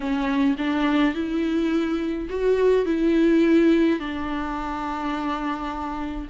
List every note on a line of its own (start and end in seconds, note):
0.00 0.56 C#4
0.58 1.14 D4
1.14 2.28 E4
2.29 2.85 F#4
2.85 3.99 E4
3.99 6.28 D4